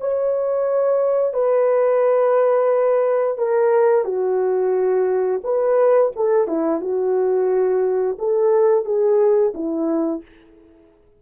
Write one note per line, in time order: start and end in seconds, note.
0.00 1.33 C#5
1.33 3.37 B4
3.37 4.04 A#4
4.04 5.41 F#4
5.44 6.12 B4
6.15 6.47 A4
6.47 6.81 E4
6.81 8.17 F#4
8.18 8.85 A4
8.85 9.53 G#4
9.54 10.22 E4